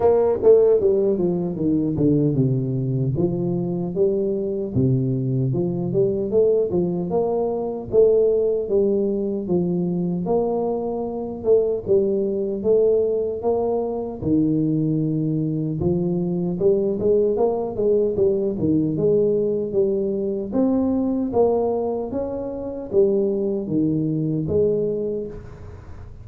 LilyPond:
\new Staff \with { instrumentName = "tuba" } { \time 4/4 \tempo 4 = 76 ais8 a8 g8 f8 dis8 d8 c4 | f4 g4 c4 f8 g8 | a8 f8 ais4 a4 g4 | f4 ais4. a8 g4 |
a4 ais4 dis2 | f4 g8 gis8 ais8 gis8 g8 dis8 | gis4 g4 c'4 ais4 | cis'4 g4 dis4 gis4 | }